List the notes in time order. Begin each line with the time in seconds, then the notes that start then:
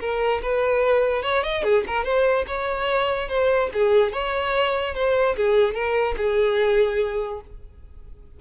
0.00 A#4
0.42 B4
1.22 C#5
1.43 D#5
1.63 G#4
1.87 A#4
2.04 C5
2.47 C#5
3.28 C5
3.73 G#4
4.12 C#5
4.94 C5
5.36 G#4
5.74 A#4
6.17 G#4